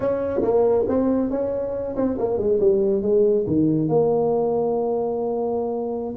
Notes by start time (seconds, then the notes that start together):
0.00 C#4
0.42 A#3
0.88 C4
1.30 C#4
1.95 C4
2.18 A#3
2.37 G#3
2.60 G3
3.02 G#3
3.46 D#3
3.88 A#3